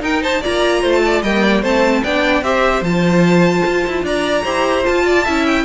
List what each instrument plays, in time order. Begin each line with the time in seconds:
0.00 viola D#4, cello D#4, violin A#4 G5
0.22 violin C5 A5
0.41 cello A#3, viola F4, violin D5 A#5
0.81 cello A3, violin C5
0.91 violin A5
1.05 violin D5
1.22 cello G3, viola A#3, violin D#5 G5
1.42 violin D5
1.61 cello A3, viola C4, violin C5 A5
2.03 cello B3, viola D4, violin D5 G5
2.42 cello C4, viola G4, violin C5 E5
2.81 cello F3, viola F4, violin A5
3.65 cello F4
3.86 cello E4
4.02 cello D4, violin D5 A#5
4.43 cello E4, viola G4, violin C5
4.83 viola F4, cello F4, violin A5
5.05 violin D5
5.23 cello C#4, viola E4, violin E5
5.45 violin G5